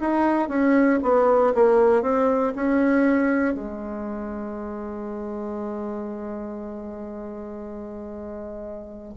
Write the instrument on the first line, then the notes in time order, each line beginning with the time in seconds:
bassoon
0.00 D#4
0.49 C#4
1.03 B3
1.55 A#3
2.02 C4
2.55 C#4
3.55 G#3